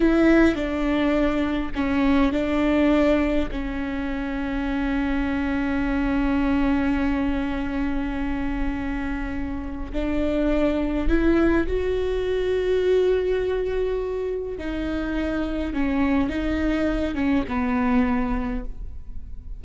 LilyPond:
\new Staff \with { instrumentName = "viola" } { \time 4/4 \tempo 4 = 103 e'4 d'2 cis'4 | d'2 cis'2~ | cis'1~ | cis'1~ |
cis'4 d'2 e'4 | fis'1~ | fis'4 dis'2 cis'4 | dis'4. cis'8 b2 | }